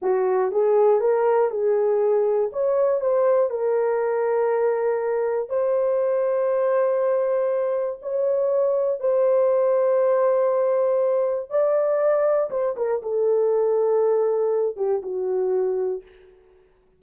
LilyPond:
\new Staff \with { instrumentName = "horn" } { \time 4/4 \tempo 4 = 120 fis'4 gis'4 ais'4 gis'4~ | gis'4 cis''4 c''4 ais'4~ | ais'2. c''4~ | c''1 |
cis''2 c''2~ | c''2. d''4~ | d''4 c''8 ais'8 a'2~ | a'4. g'8 fis'2 | }